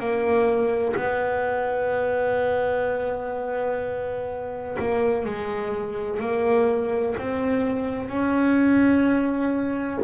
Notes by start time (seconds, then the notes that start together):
0.00 A#3
0.97 B3
4.79 A#3
5.25 G#3
6.20 A#3
7.18 C4
8.09 C#4